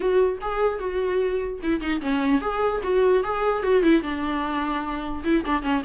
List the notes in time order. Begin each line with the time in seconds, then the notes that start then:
0.00 F#4
0.41 G#4
0.79 F#4
1.62 E4
1.80 D#4
2.01 C#4
2.41 G#4
2.83 F#4
3.23 G#4
3.62 F#4
3.82 E4
4.02 D4
5.23 E4
5.45 D4
5.62 C#4